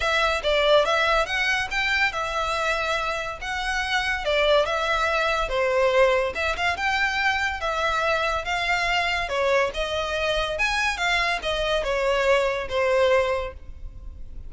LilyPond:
\new Staff \with { instrumentName = "violin" } { \time 4/4 \tempo 4 = 142 e''4 d''4 e''4 fis''4 | g''4 e''2. | fis''2 d''4 e''4~ | e''4 c''2 e''8 f''8 |
g''2 e''2 | f''2 cis''4 dis''4~ | dis''4 gis''4 f''4 dis''4 | cis''2 c''2 | }